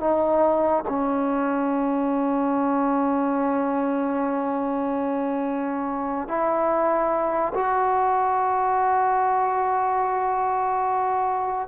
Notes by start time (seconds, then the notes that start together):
0.00 D#4
0.88 C#4
6.28 E4
7.54 F#4